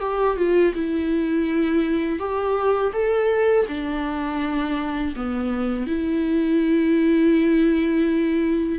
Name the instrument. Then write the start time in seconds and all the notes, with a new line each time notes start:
viola
0.00 G4
0.37 F4
0.74 E4
2.19 G4
2.93 A4
3.68 D4
5.16 B3
5.87 E4